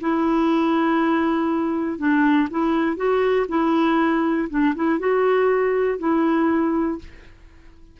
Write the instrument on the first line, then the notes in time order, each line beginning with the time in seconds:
clarinet
0.00 E4
1.98 D4
2.50 E4
2.96 F#4
3.48 E4
4.49 D4
4.75 E4
4.99 F#4
5.99 E4